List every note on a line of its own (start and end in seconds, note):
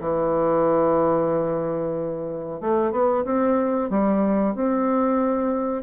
0.00 2.60 E3
2.60 2.91 A3
2.91 3.24 B3
3.24 3.90 C4
3.90 4.54 G3
4.54 5.83 C4